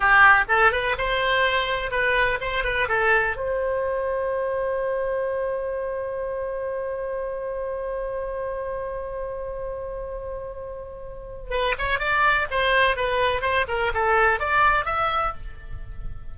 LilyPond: \new Staff \with { instrumentName = "oboe" } { \time 4/4 \tempo 4 = 125 g'4 a'8 b'8 c''2 | b'4 c''8 b'8 a'4 c''4~ | c''1~ | c''1~ |
c''1~ | c''1 | b'8 cis''8 d''4 c''4 b'4 | c''8 ais'8 a'4 d''4 e''4 | }